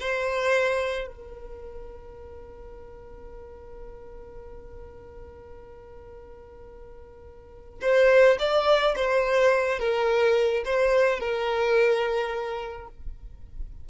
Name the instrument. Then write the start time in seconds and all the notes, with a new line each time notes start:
violin
0.00 C5
1.07 A#4
7.81 C5
8.39 D5
8.95 C5
9.79 A#4
10.65 C5
11.19 A#4